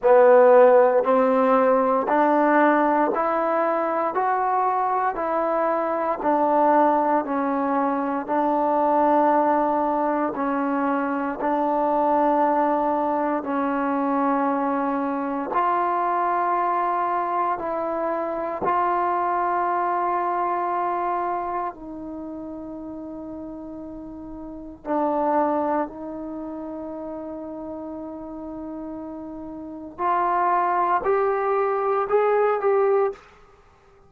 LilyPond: \new Staff \with { instrumentName = "trombone" } { \time 4/4 \tempo 4 = 58 b4 c'4 d'4 e'4 | fis'4 e'4 d'4 cis'4 | d'2 cis'4 d'4~ | d'4 cis'2 f'4~ |
f'4 e'4 f'2~ | f'4 dis'2. | d'4 dis'2.~ | dis'4 f'4 g'4 gis'8 g'8 | }